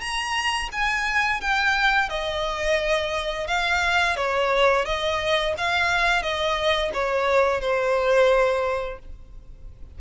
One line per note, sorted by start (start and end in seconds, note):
0.00 0.69 A#5
0.72 1.41 G#5
1.41 2.09 G5
2.09 3.47 D#5
3.47 4.16 F5
4.16 4.85 C#5
4.85 5.54 D#5
5.58 6.22 F5
6.22 6.91 D#5
6.93 7.61 C#5
7.61 8.99 C5